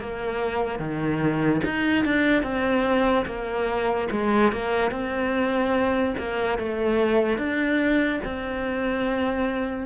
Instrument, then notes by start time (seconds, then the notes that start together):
cello
0.00 A#3
0.79 D#3
1.64 D#4
2.05 D4
2.43 C4
3.26 A#3
4.11 G#3
4.52 A#3
4.91 C4
6.18 A#3
6.58 A3
7.38 D4
8.24 C4